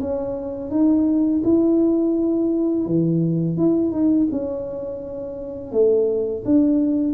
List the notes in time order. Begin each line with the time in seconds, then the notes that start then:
0.00 C#4
0.70 D#4
1.44 E4
2.85 E3
3.56 E4
3.91 D#4
4.31 C#4
5.71 A3
6.44 D4